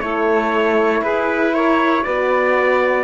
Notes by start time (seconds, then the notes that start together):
0.00 A3 E4 A4 C#5
1.01 E4 G#4 B4
1.54 A#4 C#5
2.03 B3 F#4 B4 D5